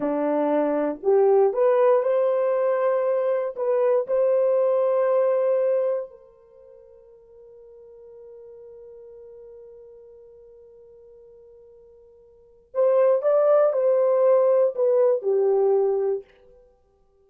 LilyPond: \new Staff \with { instrumentName = "horn" } { \time 4/4 \tempo 4 = 118 d'2 g'4 b'4 | c''2. b'4 | c''1 | ais'1~ |
ais'1~ | ais'1~ | ais'4 c''4 d''4 c''4~ | c''4 b'4 g'2 | }